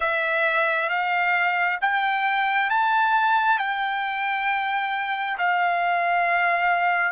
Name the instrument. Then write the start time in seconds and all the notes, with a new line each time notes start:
trumpet
0.00 E5
0.89 F5
1.81 G5
2.70 A5
3.58 G5
5.37 F5